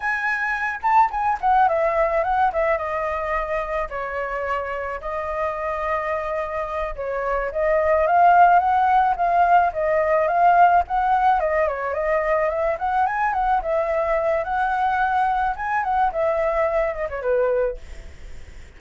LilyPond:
\new Staff \with { instrumentName = "flute" } { \time 4/4 \tempo 4 = 108 gis''4. a''8 gis''8 fis''8 e''4 | fis''8 e''8 dis''2 cis''4~ | cis''4 dis''2.~ | dis''8 cis''4 dis''4 f''4 fis''8~ |
fis''8 f''4 dis''4 f''4 fis''8~ | fis''8 dis''8 cis''8 dis''4 e''8 fis''8 gis''8 | fis''8 e''4. fis''2 | gis''8 fis''8 e''4. dis''16 cis''16 b'4 | }